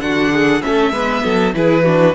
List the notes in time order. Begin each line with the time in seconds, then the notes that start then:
0.00 D3 D4 F#4 F#5
0.32 G#4
0.61 A3 C#4 A4 E5
0.91 G#3 B3 B4
1.24 F#3 A4
1.54 E3 E4 G#4 B4
1.84 D4 F#4